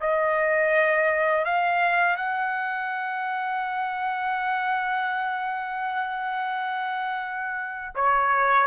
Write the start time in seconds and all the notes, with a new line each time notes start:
0.00 D#5
1.45 F5
2.16 F#5
7.95 C#5